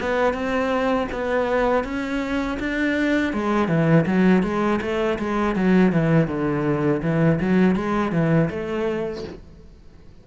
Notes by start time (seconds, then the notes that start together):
0.00 B3
0.34 C4
1.12 B3
1.84 C#4
2.60 D4
3.33 G#3
3.68 E3
4.07 F#3
4.43 G#3
4.81 A3
5.19 G#3
5.56 F#3
5.92 E3
6.28 D3
7.03 E3
7.40 F#3
7.76 G#3
8.12 E3
8.50 A3